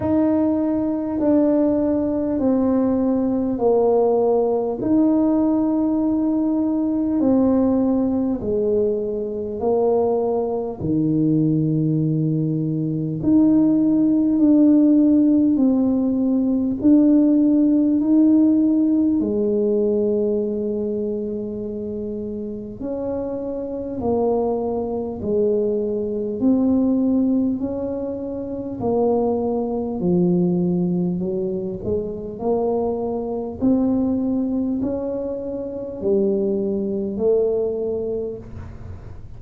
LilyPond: \new Staff \with { instrumentName = "tuba" } { \time 4/4 \tempo 4 = 50 dis'4 d'4 c'4 ais4 | dis'2 c'4 gis4 | ais4 dis2 dis'4 | d'4 c'4 d'4 dis'4 |
gis2. cis'4 | ais4 gis4 c'4 cis'4 | ais4 f4 fis8 gis8 ais4 | c'4 cis'4 g4 a4 | }